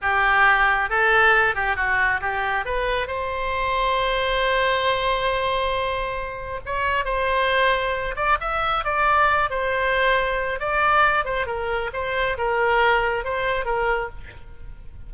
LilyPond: \new Staff \with { instrumentName = "oboe" } { \time 4/4 \tempo 4 = 136 g'2 a'4. g'8 | fis'4 g'4 b'4 c''4~ | c''1~ | c''2. cis''4 |
c''2~ c''8 d''8 e''4 | d''4. c''2~ c''8 | d''4. c''8 ais'4 c''4 | ais'2 c''4 ais'4 | }